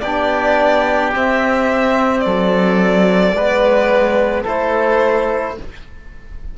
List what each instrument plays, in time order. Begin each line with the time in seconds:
0.00 cello B3, trombone D4, oboe G4, violin D5
1.13 trombone C4, cello C4, violin E5
2.20 cello F#3, oboe A4, violin D5
3.33 cello G#3, trombone B3, oboe B4
4.43 cello A3, trombone E4, oboe A4, violin C5